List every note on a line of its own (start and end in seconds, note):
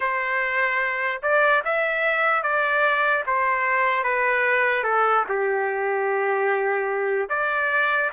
0.00 1.22 C5
1.22 1.63 D5
1.64 2.43 E5
2.43 3.24 D5
3.26 4.03 C5
4.03 4.83 B4
4.83 5.24 A4
5.29 7.29 G4
7.29 8.10 D5